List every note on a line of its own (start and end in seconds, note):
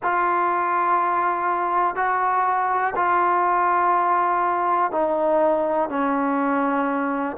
0.03 1.95 F4
1.95 2.93 F#4
2.95 4.91 F4
4.91 5.89 D#4
5.89 7.36 C#4